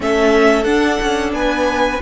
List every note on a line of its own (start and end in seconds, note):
0.00 0.65 A3
0.00 0.65 C#4
0.00 1.35 A4
0.00 0.63 E5
0.63 0.98 D4
0.63 1.99 D4
0.63 1.30 F#5
1.01 1.32 C#4
1.32 1.98 B3
1.32 2.01 B4
1.32 2.00 G#5